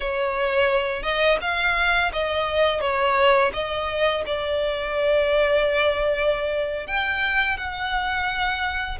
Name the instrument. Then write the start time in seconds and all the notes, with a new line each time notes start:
violin
0.00 C#5
1.02 D#5
1.41 F5
2.12 D#5
2.80 C#5
3.53 D#5
4.25 D5
6.87 G5
7.57 F#5